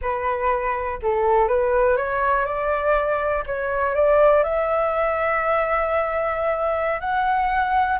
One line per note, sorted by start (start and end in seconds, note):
0.01 0.99 B4
1.02 1.48 A4
1.48 1.96 B4
1.96 2.45 C#5
2.45 3.43 D5
3.46 3.94 C#5
3.94 4.43 D5
4.43 7.00 E5
7.00 7.99 F#5